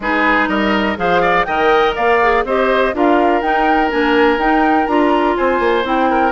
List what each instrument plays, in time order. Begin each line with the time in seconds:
0.00 bassoon G#3, clarinet D#4, oboe G#4, flute B4
0.48 bassoon G3, oboe A#4, flute D#5
0.96 bassoon F3, clarinet G#4, oboe C5, flute F5
1.21 oboe D5
1.44 bassoon D#3, clarinet A#4, oboe D#5, flute G5
1.95 bassoon A#3, oboe D5, flute F5
2.21 clarinet G#4
2.44 bassoon C4, clarinet G4, oboe C5, flute D#5
2.93 bassoon D4, clarinet F4, oboe A#4, flute F5
3.41 bassoon D#4, clarinet D#4, flute G5
3.90 bassoon A#3, clarinet D4, flute G#5
4.37 bassoon D#4, clarinet D#4, flute G5
4.86 bassoon D4, clarinet F4, flute A#5
5.36 bassoon C4, oboe C5, flute G#5
5.59 bassoon A#3
5.83 bassoon C4, clarinet E4, flute G5
6.09 oboe A#4